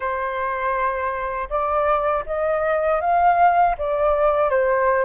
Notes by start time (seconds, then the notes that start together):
0.00 C5
1.49 D5
2.26 D#5
3.00 F5
3.78 D5
4.50 C5